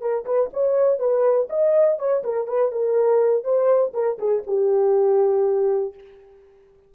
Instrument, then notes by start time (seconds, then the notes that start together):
horn
0.00 A#4
0.25 B4
0.53 C#5
0.99 B4
1.49 D#5
1.99 C#5
2.23 A#4
2.47 B4
2.72 A#4
3.44 C5
3.93 A#4
4.18 G#4
4.47 G4